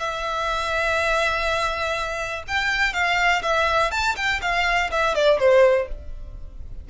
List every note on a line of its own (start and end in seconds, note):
0.00 2.44 E5
2.48 2.94 G5
2.94 3.43 F5
3.43 3.92 E5
3.92 4.16 A5
4.17 4.41 G5
4.42 4.91 F5
4.92 5.15 E5
5.15 5.40 D5
5.40 5.88 C5